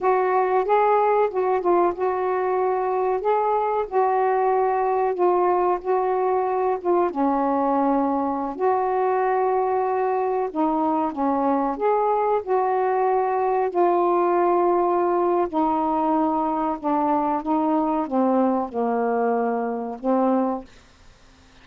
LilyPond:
\new Staff \with { instrumentName = "saxophone" } { \time 4/4 \tempo 4 = 93 fis'4 gis'4 fis'8 f'8 fis'4~ | fis'4 gis'4 fis'2 | f'4 fis'4. f'8 cis'4~ | cis'4~ cis'16 fis'2~ fis'8.~ |
fis'16 dis'4 cis'4 gis'4 fis'8.~ | fis'4~ fis'16 f'2~ f'8. | dis'2 d'4 dis'4 | c'4 ais2 c'4 | }